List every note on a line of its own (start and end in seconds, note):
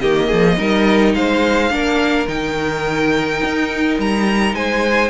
0.00 0.31 D#3
0.00 0.58 A#3
0.00 0.27 G4
0.00 1.13 D#5
0.27 0.58 F3
0.27 0.55 G#4
0.58 1.14 G3
0.58 1.70 D#4
0.58 1.15 A#4
1.14 1.70 G#3
1.14 1.73 C5
1.14 2.27 F5
1.70 2.26 A#3
1.70 2.27 D4
1.70 4.55 A#4
2.27 3.40 D#3
2.27 5.09 D#4
2.27 3.98 G5
3.43 3.98 D#4
3.98 4.54 G3
3.98 4.55 A#5
4.54 5.09 G#3
4.54 5.09 C5
4.54 5.09 G#5